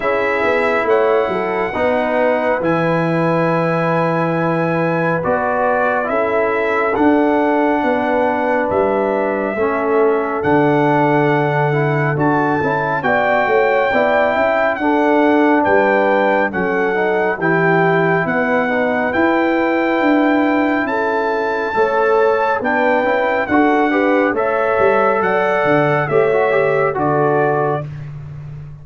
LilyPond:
<<
  \new Staff \with { instrumentName = "trumpet" } { \time 4/4 \tempo 4 = 69 e''4 fis''2 gis''4~ | gis''2 d''4 e''4 | fis''2 e''2 | fis''2 a''4 g''4~ |
g''4 fis''4 g''4 fis''4 | g''4 fis''4 g''2 | a''2 g''4 fis''4 | e''4 fis''4 e''4 d''4 | }
  \new Staff \with { instrumentName = "horn" } { \time 4/4 gis'4 cis''8 a'8 b'2~ | b'2. a'4~ | a'4 b'2 a'4~ | a'2. d''8 cis''8 |
d''8 e''8 a'4 b'4 a'4 | g'4 b'2. | a'4 cis''4 b'4 a'8 b'8 | cis''4 d''4 cis''4 a'4 | }
  \new Staff \with { instrumentName = "trombone" } { \time 4/4 e'2 dis'4 e'4~ | e'2 fis'4 e'4 | d'2. cis'4 | d'4. e'8 fis'8 e'8 fis'4 |
e'4 d'2 cis'8 dis'8 | e'4. dis'8 e'2~ | e'4 a'4 d'8 e'8 fis'8 g'8 | a'2 g'16 fis'16 g'8 fis'4 | }
  \new Staff \with { instrumentName = "tuba" } { \time 4/4 cis'8 b8 a8 fis8 b4 e4~ | e2 b4 cis'4 | d'4 b4 g4 a4 | d2 d'8 cis'8 b8 a8 |
b8 cis'8 d'4 g4 fis4 | e4 b4 e'4 d'4 | cis'4 a4 b8 cis'8 d'4 | a8 g8 fis8 d8 a4 d4 | }
>>